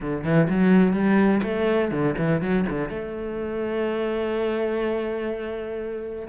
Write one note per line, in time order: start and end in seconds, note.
0.00 0.24 D3
0.24 0.48 E3
0.49 0.92 F#3
0.92 1.41 G3
1.42 1.91 A3
1.91 2.15 D3
2.17 2.41 E3
2.41 2.65 F#3
2.69 2.89 D3
2.89 6.27 A3